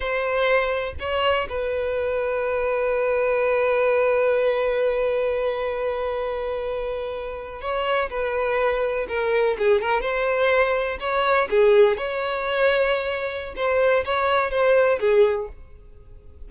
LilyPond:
\new Staff \with { instrumentName = "violin" } { \time 4/4 \tempo 4 = 124 c''2 cis''4 b'4~ | b'1~ | b'1~ | b'2.~ b'8. cis''16~ |
cis''8. b'2 ais'4 gis'16~ | gis'16 ais'8 c''2 cis''4 gis'16~ | gis'8. cis''2.~ cis''16 | c''4 cis''4 c''4 gis'4 | }